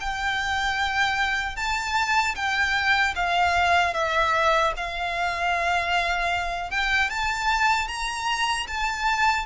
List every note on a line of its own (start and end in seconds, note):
0.00 1.56 G5
1.56 2.35 A5
2.35 3.14 G5
3.15 3.94 F5
3.94 4.73 E5
4.77 6.70 F5
6.70 7.09 G5
7.09 7.88 A5
7.88 8.67 A#5
8.67 9.46 A5